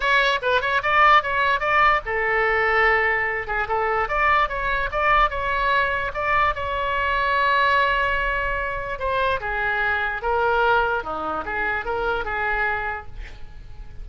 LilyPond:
\new Staff \with { instrumentName = "oboe" } { \time 4/4 \tempo 4 = 147 cis''4 b'8 cis''8 d''4 cis''4 | d''4 a'2.~ | a'8 gis'8 a'4 d''4 cis''4 | d''4 cis''2 d''4 |
cis''1~ | cis''2 c''4 gis'4~ | gis'4 ais'2 dis'4 | gis'4 ais'4 gis'2 | }